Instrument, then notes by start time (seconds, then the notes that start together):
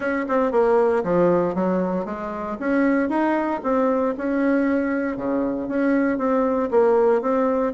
bassoon
0.00 C#4
0.28 C4
0.51 A#3
1.03 F3
1.54 F#3
2.05 G#3
2.59 C#4
3.09 D#4
3.63 C4
4.17 C#4
5.17 C#3
5.68 C#4
6.17 C4
6.71 A#3
7.21 C4